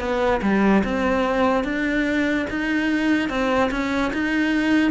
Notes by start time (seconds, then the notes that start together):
0.00 B3
0.43 G3
0.84 C4
1.64 D4
2.50 D#4
3.30 C4
3.71 C#4
4.14 D#4